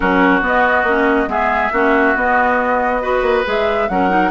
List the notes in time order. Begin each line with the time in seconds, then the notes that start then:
0.00 F#3 C#4 F#4 A#4
0.41 B3 D#5
0.83 A#3 C#4
1.26 G#3 B3 G#4 E5
1.72 A#3 C#4 F#4
2.16 B3 D#5
3.01 F#4 B4
3.21 A#3
3.45 G#3 G#4 E5
3.88 F#3 C#4 A#4 F#5
4.09 D#4